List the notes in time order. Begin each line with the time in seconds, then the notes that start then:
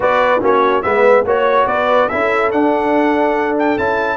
0.00 B3 F#4 B4 D5
0.41 A#3 C#4 F#4 C#5
0.82 G#3 B3 B4 E5
1.24 A#3 F#4 C#5
1.66 B3 B4 D5
2.08 C#4 E4 A4 E5
2.51 D4 F#5
3.58 G5
3.77 C#4 E4 A5